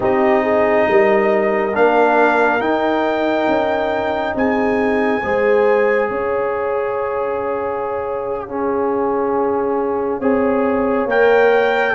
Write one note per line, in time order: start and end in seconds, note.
0.00 0.86 C4
0.00 1.72 D#4
0.00 0.42 G4
0.00 1.75 D#5
0.42 0.86 G#4
0.87 1.74 G3
0.87 4.36 A#4
1.73 2.59 A#3
1.73 2.60 D4
1.73 2.61 F5
2.59 3.46 D#4
2.59 5.21 D#4
2.59 4.34 G5
3.47 4.34 C#4
4.35 5.22 C4
4.35 5.22 G#4
4.35 6.09 G#5
5.22 6.10 G#3
5.22 8.48 G#4
5.22 6.09 C5
6.09 10.20 C#4
6.09 8.48 C#5
6.09 11.09 F5
8.48 10.21 C#4
8.48 10.20 G#4
10.20 11.05 C4
10.20 11.08 G#4
10.20 11.94 C#5
11.05 11.92 A#3
11.05 11.94 A#4
11.05 11.94 G5